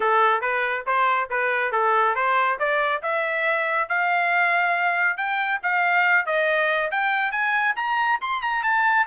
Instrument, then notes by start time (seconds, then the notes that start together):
trumpet
0.00 A4
0.41 B4
0.86 C5
1.30 B4
1.71 A4
2.15 C5
2.59 D5
3.02 E5
3.88 F5
5.17 G5
5.63 F5
6.26 D#5
6.91 G5
7.31 G#5
7.75 A#5
8.21 C6
8.42 A#5
8.63 A5